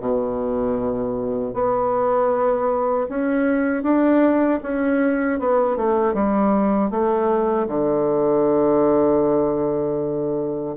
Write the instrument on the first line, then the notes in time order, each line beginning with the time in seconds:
bassoon
0.00 B2
1.54 B3
3.09 C#4
3.83 D4
4.63 C#4
5.40 B3
5.77 A3
6.14 G3
6.91 A3
7.68 D3